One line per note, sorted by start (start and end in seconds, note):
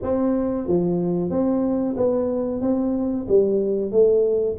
0.02 0.67 C4
0.67 1.30 F3
1.30 1.95 C4
1.96 2.61 B3
2.61 3.26 C4
3.28 3.91 G3
3.91 4.56 A3